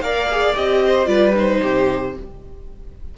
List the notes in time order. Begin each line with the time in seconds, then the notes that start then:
0.00 A#3 A#4 D5 F5
0.31 G#4
0.55 C4 G4 D#5
0.86 C5
1.06 G3 F4 B4 D5
1.34 D#4 C5
1.61 C3 G4